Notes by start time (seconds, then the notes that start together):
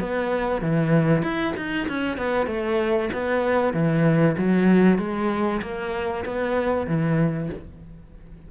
0.00 B3
0.62 E3
1.23 E4
1.57 D#4
1.88 C#4
2.18 B3
2.47 A3
3.13 B3
3.74 E3
4.38 F#3
4.99 G#3
5.62 A#3
6.26 B3
6.87 E3